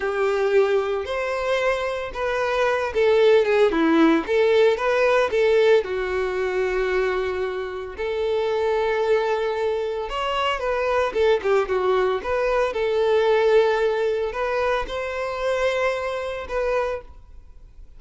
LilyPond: \new Staff \with { instrumentName = "violin" } { \time 4/4 \tempo 4 = 113 g'2 c''2 | b'4. a'4 gis'8 e'4 | a'4 b'4 a'4 fis'4~ | fis'2. a'4~ |
a'2. cis''4 | b'4 a'8 g'8 fis'4 b'4 | a'2. b'4 | c''2. b'4 | }